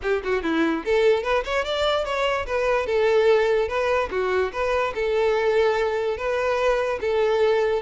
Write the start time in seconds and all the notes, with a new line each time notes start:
0.02 G4
0.24 F#4
0.43 E4
0.84 A4
1.23 B4
1.44 C#5
1.65 D5
2.05 C#5
2.46 B4
2.86 A4
3.68 B4
4.11 F#4
4.52 B4
4.94 A4
6.17 B4
7.01 A4